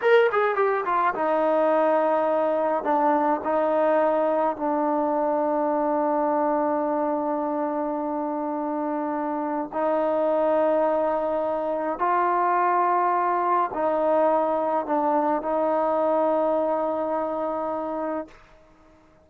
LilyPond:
\new Staff \with { instrumentName = "trombone" } { \time 4/4 \tempo 4 = 105 ais'8 gis'8 g'8 f'8 dis'2~ | dis'4 d'4 dis'2 | d'1~ | d'1~ |
d'4 dis'2.~ | dis'4 f'2. | dis'2 d'4 dis'4~ | dis'1 | }